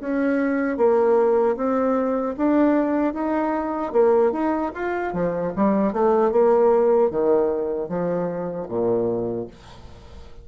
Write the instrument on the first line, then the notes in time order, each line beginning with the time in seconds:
bassoon
0.00 C#4
0.78 A#3
1.56 C4
2.37 D4
3.14 D#4
3.93 A#3
4.32 D#4
4.75 F4
5.14 F3
5.56 G3
5.93 A3
6.32 A#3
7.11 D#3
7.89 F3
8.68 A#2